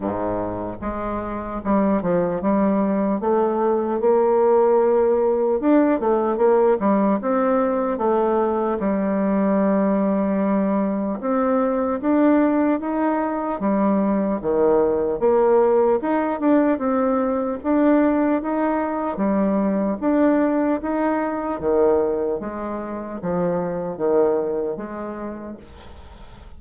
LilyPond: \new Staff \with { instrumentName = "bassoon" } { \time 4/4 \tempo 4 = 75 gis,4 gis4 g8 f8 g4 | a4 ais2 d'8 a8 | ais8 g8 c'4 a4 g4~ | g2 c'4 d'4 |
dis'4 g4 dis4 ais4 | dis'8 d'8 c'4 d'4 dis'4 | g4 d'4 dis'4 dis4 | gis4 f4 dis4 gis4 | }